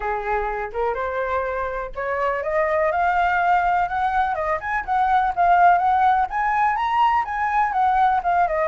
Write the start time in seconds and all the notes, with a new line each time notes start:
0.00 G#4
0.72 A#4
0.94 C5
1.95 C#5
2.43 D#5
2.91 F5
3.88 F#5
4.35 D#5
4.60 G#5
4.85 F#5
5.35 F5
5.78 F#5
6.29 G#5
6.75 A#5
7.24 G#5
7.72 F#5
8.23 F5
8.47 D#5